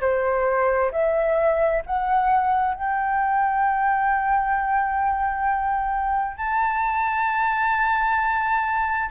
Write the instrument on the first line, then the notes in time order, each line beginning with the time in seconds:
flute
0.00 C5
0.91 E5
1.86 F#5
2.74 G5
6.37 A5